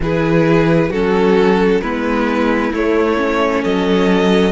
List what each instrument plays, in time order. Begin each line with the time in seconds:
0.00 cello E3, viola E4, violin G#4 B4
0.89 cello F#3, viola C#4, violin F#4 A4
1.81 cello G#3, viola B3, violin E4 B4
2.73 cello A3, viola A3, violin C#5
3.16 viola C#4
3.62 cello F#3, violin A4 D#5